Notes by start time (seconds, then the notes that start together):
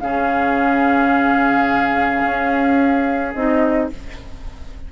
0.00 C#3 C#4 G#4 F5
2.24 C#4
3.34 C4 D#4 D#5